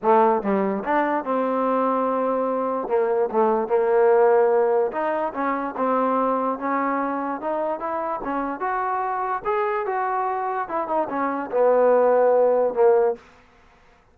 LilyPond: \new Staff \with { instrumentName = "trombone" } { \time 4/4 \tempo 4 = 146 a4 g4 d'4 c'4~ | c'2. ais4 | a4 ais2. | dis'4 cis'4 c'2 |
cis'2 dis'4 e'4 | cis'4 fis'2 gis'4 | fis'2 e'8 dis'8 cis'4 | b2. ais4 | }